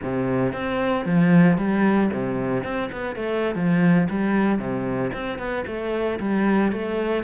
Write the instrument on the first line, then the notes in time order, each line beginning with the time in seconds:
cello
0.02 C3
0.53 C4
1.05 F3
1.57 G3
2.13 C3
2.63 C4
2.92 B3
3.15 A3
3.55 F3
4.09 G3
4.58 C3
5.13 C4
5.38 B3
5.66 A3
6.19 G3
6.72 A3